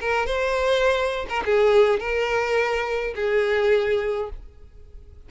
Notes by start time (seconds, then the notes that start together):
0.00 A#4
0.26 C5
1.29 A#4
1.45 G#4
1.99 A#4
3.15 G#4